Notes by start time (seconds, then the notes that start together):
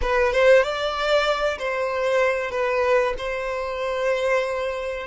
0.01 B4
0.32 C5
0.63 D5
1.58 C5
2.51 B4
3.18 C5